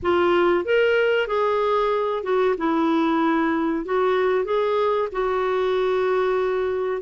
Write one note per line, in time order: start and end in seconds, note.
0.02 0.64 F4
0.64 1.27 A#4
1.27 2.23 G#4
2.23 2.55 F#4
2.57 3.85 E4
3.85 4.44 F#4
4.44 5.08 G#4
5.12 7.01 F#4